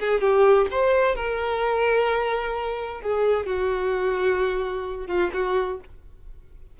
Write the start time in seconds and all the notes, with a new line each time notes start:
0.00 G#4
0.21 G4
0.71 C5
1.15 A#4
3.01 G#4
3.47 F#4
5.07 F4
5.34 F#4